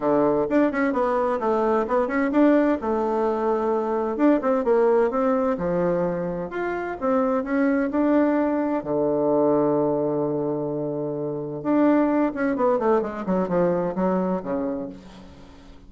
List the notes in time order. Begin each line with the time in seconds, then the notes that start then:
0.00 D3
0.49 D4
0.71 C#4
0.92 B3
1.39 A3
1.87 B3
2.07 C#4
2.31 D4
2.81 A3
4.16 D4
4.41 C4
4.64 A#3
5.10 C4
5.57 F3
6.50 F4
7.00 C4
7.43 C#4
7.90 D4
8.83 D3
11.62 D4
12.34 C#4
12.56 B3
12.78 A3
13.01 G#3
13.26 F#3
13.48 F3
13.95 F#3
14.42 C#3